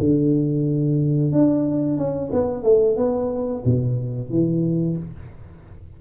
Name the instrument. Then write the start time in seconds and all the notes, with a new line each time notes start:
tuba
0.00 D3
1.32 D4
1.98 C#4
2.33 B3
2.64 A3
2.97 B3
3.65 B2
4.31 E3